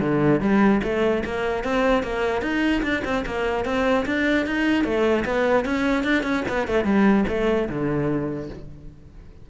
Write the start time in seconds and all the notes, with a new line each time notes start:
0.00 D3
0.40 G3
0.83 A3
1.24 A#3
1.64 C4
2.03 A#3
2.42 D#4
2.82 D4
3.04 C4
3.26 A#3
3.65 C4
4.06 D4
4.46 D#4
4.84 A3
5.25 B3
5.65 C#4
6.04 D4
6.23 C#4
6.48 B3
6.67 A3
6.84 G3
7.28 A3
7.69 D3